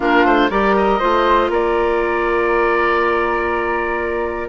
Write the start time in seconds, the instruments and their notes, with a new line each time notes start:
0.00 bassoon A#3, clarinet D4, flute F4, oboe A#4
0.24 bassoon A3, oboe C5
0.50 bassoon G3, clarinet G4, flute A#4, oboe D5
0.76 oboe D#5
0.99 bassoon A3, clarinet F4, flute C5
1.49 bassoon A#3, flute A#4, oboe D5